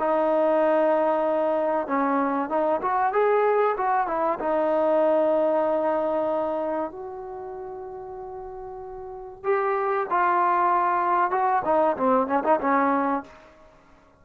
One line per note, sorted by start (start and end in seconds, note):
0.00 1.87 D#4
1.87 2.49 C#4
2.49 2.81 D#4
2.82 3.13 F#4
3.13 3.76 G#4
3.78 4.08 F#4
4.08 4.39 E4
4.40 6.92 D#4
6.92 9.44 F#4
9.44 10.07 G4
10.11 11.31 F4
11.31 11.63 F#4
11.65 11.97 D#4
11.97 12.28 C4
12.28 12.43 C#4
12.44 12.60 D#4
12.61 13.24 C#4